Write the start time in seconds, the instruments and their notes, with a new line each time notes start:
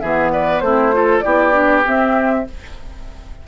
0.00 bassoon E3, clarinet B3, oboe G#4, flute E5
0.33 oboe B4, flute D5
0.60 bassoon A3, clarinet C4, oboe E4, flute C5
0.93 clarinet F4, oboe A4
1.20 bassoon B3, clarinet E4, oboe G4, flute D5
1.52 clarinet D4
1.85 clarinet C4, bassoon C4, flute E5